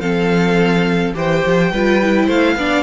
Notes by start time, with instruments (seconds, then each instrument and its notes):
0.00 cello F3, viola C4, violin A4 F5
1.14 cello E3, viola G4, violin C5 G5
1.46 cello F3
1.72 cello G3, viola F4, violin B4
2.02 viola E4
2.25 cello A3, violin C5 F5
2.56 cello B3, viola D4, violin D5